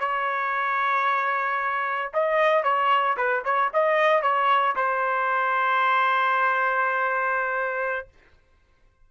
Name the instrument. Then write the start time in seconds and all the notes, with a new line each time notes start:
trumpet
0.00 C#5
2.14 D#5
2.64 C#5
3.17 B4
3.45 C#5
3.74 D#5
4.23 C#5
4.76 C5